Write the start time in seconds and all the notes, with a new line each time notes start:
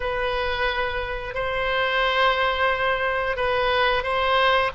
0.00 B4
1.34 C5
3.36 B4
4.03 C5